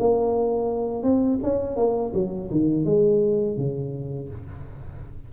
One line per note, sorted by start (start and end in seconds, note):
0.00 1.04 A#3
1.04 1.40 C4
1.43 1.76 C#4
1.76 2.13 A#3
2.14 2.50 F#3
2.51 2.86 D#3
2.86 3.57 G#3
3.57 4.29 C#3